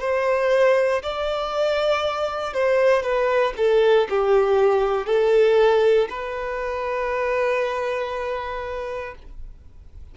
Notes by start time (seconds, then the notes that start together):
0.00 C5
1.02 D5
2.53 C5
3.02 B4
3.56 A4
4.09 G4
5.06 A4
6.10 B4